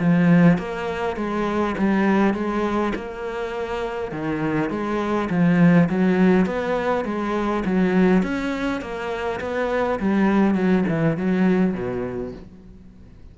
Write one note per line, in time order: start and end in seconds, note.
0.00 0.59 F3
0.59 1.17 A#3
1.17 1.76 G#3
1.78 2.34 G3
2.34 2.93 G#3
2.95 4.12 A#3
4.12 4.70 D#3
4.70 5.29 G#3
5.30 5.89 F3
5.90 6.47 F#3
6.47 7.05 B3
7.06 7.64 G#3
7.66 8.23 F#3
8.23 8.82 C#4
8.82 9.40 A#3
9.41 10.00 B3
10.00 10.56 G3
10.56 10.85 F#3
10.89 11.18 E3
11.18 11.74 F#3
11.74 12.33 B2